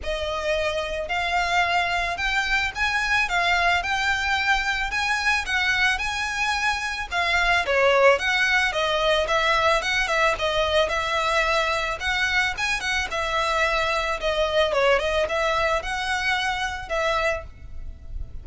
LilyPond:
\new Staff \with { instrumentName = "violin" } { \time 4/4 \tempo 4 = 110 dis''2 f''2 | g''4 gis''4 f''4 g''4~ | g''4 gis''4 fis''4 gis''4~ | gis''4 f''4 cis''4 fis''4 |
dis''4 e''4 fis''8 e''8 dis''4 | e''2 fis''4 gis''8 fis''8 | e''2 dis''4 cis''8 dis''8 | e''4 fis''2 e''4 | }